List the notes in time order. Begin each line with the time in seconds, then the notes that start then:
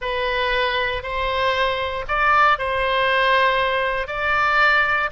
0.01 B4
1.02 C5
2.08 D5
2.58 C5
4.07 D5